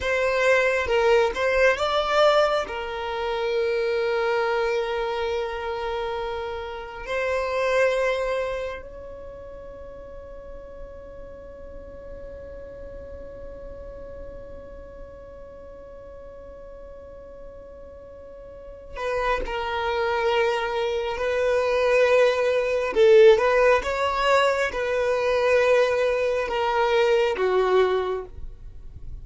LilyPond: \new Staff \with { instrumentName = "violin" } { \time 4/4 \tempo 4 = 68 c''4 ais'8 c''8 d''4 ais'4~ | ais'1 | c''2 cis''2~ | cis''1~ |
cis''1~ | cis''4. b'8 ais'2 | b'2 a'8 b'8 cis''4 | b'2 ais'4 fis'4 | }